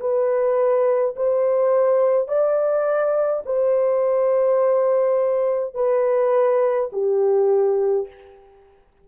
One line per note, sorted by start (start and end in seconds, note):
0.00 1.15 B4
1.16 2.28 C5
2.28 3.43 D5
3.45 5.74 C5
5.74 6.90 B4
6.92 8.08 G4